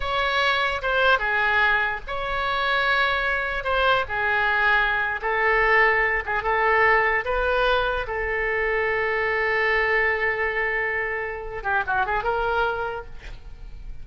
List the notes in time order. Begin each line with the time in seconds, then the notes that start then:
0.00 C#5
0.82 C5
1.18 G#4
2.07 C#5
3.64 C5
4.08 G#4
5.21 A4
6.25 G#4
6.42 A4
7.24 B4
8.07 A4
11.63 G4
11.86 F#4
12.06 G#4
12.23 A#4